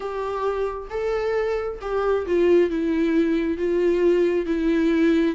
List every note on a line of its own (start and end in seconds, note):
0.00 0.88 G4
0.90 1.79 A4
1.81 2.26 G4
2.26 2.69 F4
2.69 3.57 E4
3.57 4.45 F4
4.45 5.35 E4